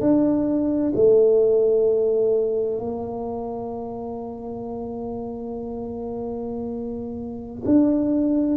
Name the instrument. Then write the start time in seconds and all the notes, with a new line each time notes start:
tuba
0.00 D4
0.95 A3
2.79 A#3
7.65 D4